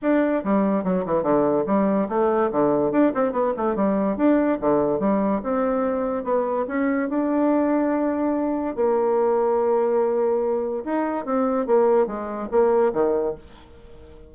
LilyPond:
\new Staff \with { instrumentName = "bassoon" } { \time 4/4 \tempo 4 = 144 d'4 g4 fis8 e8 d4 | g4 a4 d4 d'8 c'8 | b8 a8 g4 d'4 d4 | g4 c'2 b4 |
cis'4 d'2.~ | d'4 ais2.~ | ais2 dis'4 c'4 | ais4 gis4 ais4 dis4 | }